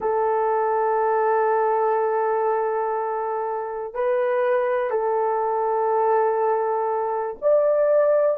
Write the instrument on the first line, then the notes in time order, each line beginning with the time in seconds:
horn
0.00 A4
3.94 B4
4.90 A4
7.41 D5